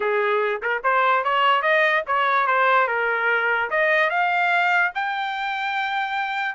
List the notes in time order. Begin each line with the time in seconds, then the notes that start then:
0.00 G#4
0.61 A#4
0.83 C5
1.23 C#5
1.62 D#5
2.06 C#5
2.46 C5
2.87 A#4
3.70 D#5
4.10 F5
4.94 G5